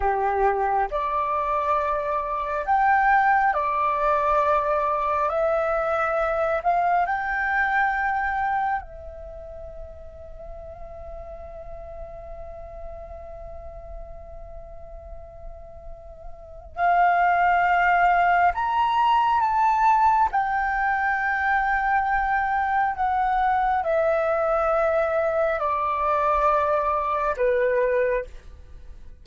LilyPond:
\new Staff \with { instrumentName = "flute" } { \time 4/4 \tempo 4 = 68 g'4 d''2 g''4 | d''2 e''4. f''8 | g''2 e''2~ | e''1~ |
e''2. f''4~ | f''4 ais''4 a''4 g''4~ | g''2 fis''4 e''4~ | e''4 d''2 b'4 | }